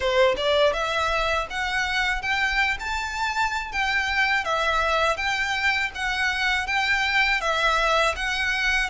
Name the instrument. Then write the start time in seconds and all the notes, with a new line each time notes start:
violin
0.00 C5
0.36 D5
0.73 E5
1.50 F#5
2.22 G5
2.79 A5
3.72 G5
4.44 E5
5.16 G5
5.94 F#5
6.67 G5
7.40 E5
8.15 F#5